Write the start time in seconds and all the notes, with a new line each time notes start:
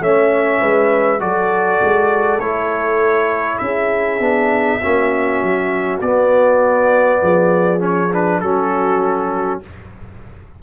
0.00 A3 C#4 C#5 E5
0.60 G#3 B4
1.20 F#3 F#4 A4 D5
1.83 G#3
2.39 A3 E4 C#5
3.58 C#4 G#4 E5
4.20 B3 D4
4.81 A#3 C#4 F#4
5.42 F#3
6.01 B3 D5
7.22 F3 G#4
7.79 C#4 C#5
8.13 D4 B4
8.40 F#3 C#4 F#4 A4